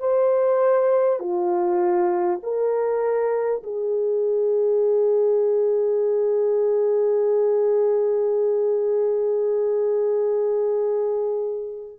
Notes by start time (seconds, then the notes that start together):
0.00 C5
1.20 F4
2.43 A#4
3.63 G#4